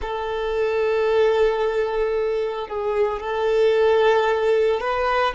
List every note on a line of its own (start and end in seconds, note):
0.01 2.67 A4
2.67 3.20 G#4
3.20 4.80 A4
4.80 5.34 B4